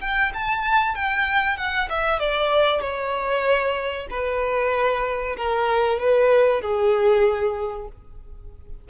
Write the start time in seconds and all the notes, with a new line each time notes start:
0.00 G5
0.33 A5
0.94 G5
1.56 F#5
1.89 E5
2.19 D5
2.81 C#5
4.10 B4
5.36 A#4
5.99 B4
6.61 G#4